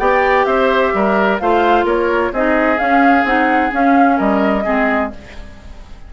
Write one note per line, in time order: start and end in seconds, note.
0.00 0.46 B3
0.00 1.40 G4
0.00 0.47 D5
0.00 0.46 G5
0.46 0.93 C4
0.46 0.94 C5
0.46 1.39 E5
0.94 1.41 G3
0.94 1.42 A#4
1.39 1.85 A3
1.39 2.34 F4
1.39 1.85 C5
1.39 1.86 F5
1.85 2.31 A#3
1.85 2.32 A#4
1.85 2.34 C#5
2.33 2.79 C4
2.33 2.78 D#4
2.33 4.17 G#4
2.33 2.79 D#5
2.78 3.24 C#4
2.78 3.25 C#4
2.78 3.26 F5
3.25 3.71 C4
3.25 3.72 D#4
3.25 3.73 F#5
3.72 4.64 C#4
3.72 4.20 C#4
3.72 4.19 F5
4.17 4.66 G3
4.17 4.64 A#4
4.17 5.12 D#5
4.64 5.13 G#3
4.64 5.11 C4
4.64 5.11 G#4